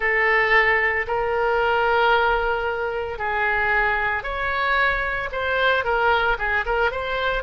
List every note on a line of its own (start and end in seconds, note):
0.00 1.06 A4
1.07 3.18 A#4
3.18 4.23 G#4
4.23 5.29 C#5
5.31 5.84 C5
5.84 6.37 A#4
6.38 6.65 G#4
6.65 6.91 A#4
6.91 7.43 C5